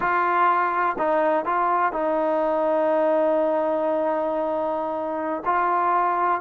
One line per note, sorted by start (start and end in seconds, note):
0.00 0.96 F4
0.98 1.45 D#4
1.45 1.92 F4
1.92 5.43 D#4
5.45 6.41 F4